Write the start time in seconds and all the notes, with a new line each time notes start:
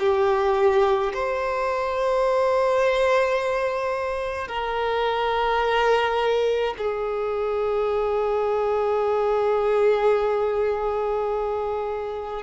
0.00 G4
1.14 C5
4.48 A#4
6.78 G#4